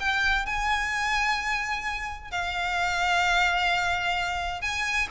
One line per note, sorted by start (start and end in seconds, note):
0.00 0.46 G5
0.46 2.31 G#5
2.31 4.62 F5
4.62 5.08 G#5